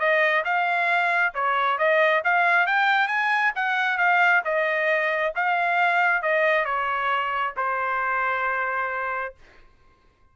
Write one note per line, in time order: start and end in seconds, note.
0.00 0.44 D#5
0.45 1.34 F5
1.35 1.79 C#5
1.79 2.23 D#5
2.25 2.67 F5
2.67 3.08 G5
3.08 3.53 G#5
3.56 3.98 F#5
3.98 4.43 F5
4.45 5.34 D#5
5.36 6.23 F5
6.23 6.65 D#5
6.65 7.54 C#5
7.57 9.35 C5